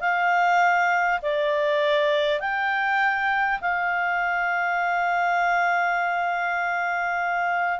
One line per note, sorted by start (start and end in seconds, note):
0.00 1.20 F5
1.22 2.39 D5
2.39 3.59 G5
3.60 7.79 F5